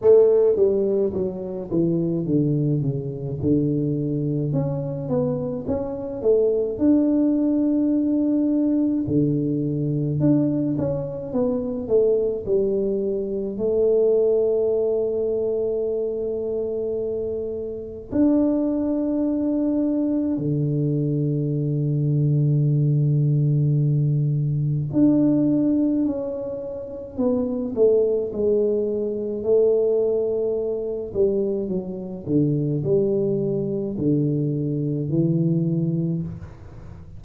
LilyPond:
\new Staff \with { instrumentName = "tuba" } { \time 4/4 \tempo 4 = 53 a8 g8 fis8 e8 d8 cis8 d4 | cis'8 b8 cis'8 a8 d'2 | d4 d'8 cis'8 b8 a8 g4 | a1 |
d'2 d2~ | d2 d'4 cis'4 | b8 a8 gis4 a4. g8 | fis8 d8 g4 d4 e4 | }